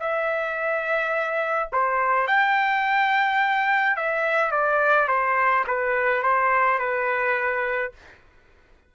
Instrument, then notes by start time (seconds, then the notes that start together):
trumpet
0.00 E5
1.72 C5
2.27 G5
3.96 E5
4.51 D5
5.08 C5
5.67 B4
6.23 C5
6.79 B4